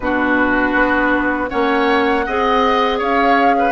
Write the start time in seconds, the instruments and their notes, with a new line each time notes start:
0.00 bassoon B2, clarinet D4, oboe F#4, flute B4
0.74 bassoon B3
1.48 bassoon A#3, clarinet C#4, oboe C#5, flute F#5
2.26 bassoon C4, clarinet G#4, oboe D#5
2.98 bassoon C#4, oboe C#5, flute F5
3.58 oboe B4